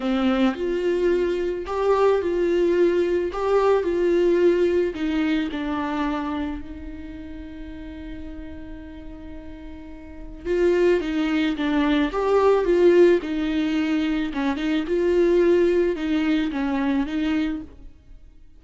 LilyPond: \new Staff \with { instrumentName = "viola" } { \time 4/4 \tempo 4 = 109 c'4 f'2 g'4 | f'2 g'4 f'4~ | f'4 dis'4 d'2 | dis'1~ |
dis'2. f'4 | dis'4 d'4 g'4 f'4 | dis'2 cis'8 dis'8 f'4~ | f'4 dis'4 cis'4 dis'4 | }